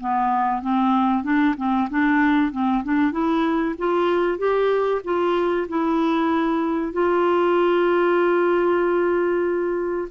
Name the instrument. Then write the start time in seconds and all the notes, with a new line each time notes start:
clarinet
0.00 B3
0.62 C4
1.23 D4
1.57 C4
1.90 D4
2.52 C4
2.84 D4
3.11 E4
3.78 F4
4.38 G4
5.04 F4
5.68 E4
6.93 F4